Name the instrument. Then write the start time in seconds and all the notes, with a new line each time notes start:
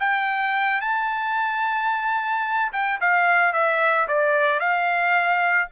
trumpet
0.00 G5
0.81 A5
2.73 G5
3.01 F5
3.53 E5
4.08 D5
4.60 F5